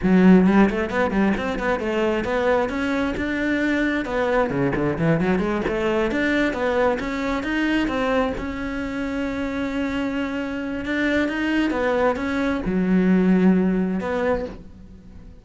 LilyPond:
\new Staff \with { instrumentName = "cello" } { \time 4/4 \tempo 4 = 133 fis4 g8 a8 b8 g8 c'8 b8 | a4 b4 cis'4 d'4~ | d'4 b4 cis8 d8 e8 fis8 | gis8 a4 d'4 b4 cis'8~ |
cis'8 dis'4 c'4 cis'4.~ | cis'1 | d'4 dis'4 b4 cis'4 | fis2. b4 | }